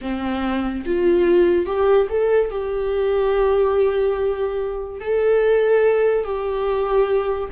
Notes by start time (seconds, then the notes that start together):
0.01 C4
0.85 F4
1.66 G4
2.09 A4
2.50 G4
5.00 A4
6.24 G4